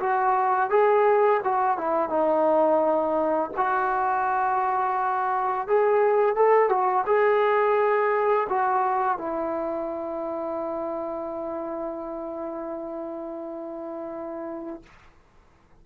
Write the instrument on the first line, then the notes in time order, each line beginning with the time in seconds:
trombone
0.00 F#4
0.71 G#4
1.44 F#4
1.78 E4
2.10 D#4
3.57 F#4
5.68 G#4
6.36 A4
6.70 F#4
7.07 G#4
8.50 F#4
9.18 E4